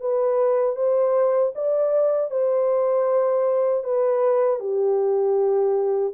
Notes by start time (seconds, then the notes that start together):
0.00 B4
0.76 C5
1.55 D5
2.30 C5
3.84 B4
4.60 G4